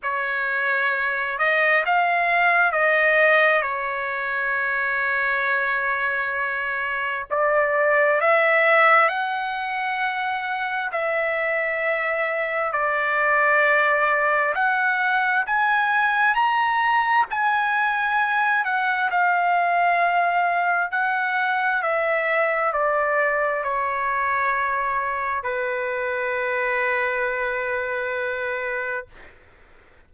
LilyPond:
\new Staff \with { instrumentName = "trumpet" } { \time 4/4 \tempo 4 = 66 cis''4. dis''8 f''4 dis''4 | cis''1 | d''4 e''4 fis''2 | e''2 d''2 |
fis''4 gis''4 ais''4 gis''4~ | gis''8 fis''8 f''2 fis''4 | e''4 d''4 cis''2 | b'1 | }